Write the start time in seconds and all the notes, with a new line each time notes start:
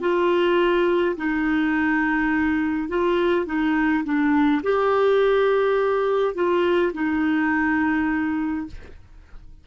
0.00 F4
1.16 D#4
2.88 F4
3.46 D#4
4.04 D4
4.63 G4
6.35 F4
6.93 D#4